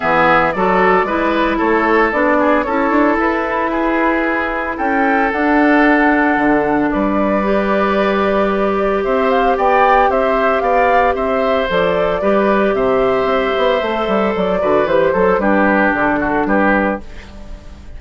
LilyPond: <<
  \new Staff \with { instrumentName = "flute" } { \time 4/4 \tempo 4 = 113 e''4 d''2 cis''4 | d''4 cis''4 b'2~ | b'4 g''4 fis''2~ | fis''4 d''2.~ |
d''4 e''8 f''8 g''4 e''4 | f''4 e''4 d''2 | e''2. d''4 | c''4 b'4 a'4 b'4 | }
  \new Staff \with { instrumentName = "oboe" } { \time 4/4 gis'4 a'4 b'4 a'4~ | a'8 gis'8 a'2 gis'4~ | gis'4 a'2.~ | a'4 b'2.~ |
b'4 c''4 d''4 c''4 | d''4 c''2 b'4 | c''2.~ c''8 b'8~ | b'8 a'8 g'4. fis'8 g'4 | }
  \new Staff \with { instrumentName = "clarinet" } { \time 4/4 b4 fis'4 e'2 | d'4 e'2.~ | e'2 d'2~ | d'2 g'2~ |
g'1~ | g'2 a'4 g'4~ | g'2 a'4. fis'8 | g'8 a'8 d'2. | }
  \new Staff \with { instrumentName = "bassoon" } { \time 4/4 e4 fis4 gis4 a4 | b4 cis'8 d'8 e'2~ | e'4 cis'4 d'2 | d4 g2.~ |
g4 c'4 b4 c'4 | b4 c'4 f4 g4 | c4 c'8 b8 a8 g8 fis8 d8 | e8 fis8 g4 d4 g4 | }
>>